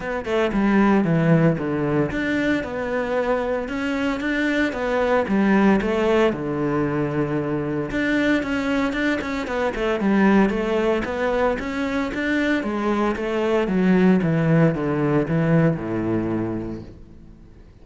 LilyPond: \new Staff \with { instrumentName = "cello" } { \time 4/4 \tempo 4 = 114 b8 a8 g4 e4 d4 | d'4 b2 cis'4 | d'4 b4 g4 a4 | d2. d'4 |
cis'4 d'8 cis'8 b8 a8 g4 | a4 b4 cis'4 d'4 | gis4 a4 fis4 e4 | d4 e4 a,2 | }